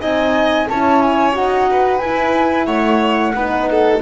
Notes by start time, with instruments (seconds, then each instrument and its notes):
0.00 double bass C4, horn D#4, violin D#5, flute G#5
0.68 double bass C#4, horn E4, violin C#5, flute A5
1.01 flute G#5
1.33 double bass D#4, horn F#4, flute F#5
1.70 violin B4
1.98 double bass E4, horn E4, flute G#5
2.65 double bass A3, violin C#5, flute F#5
3.34 double bass B3, horn D#4, violin B4
3.71 violin A4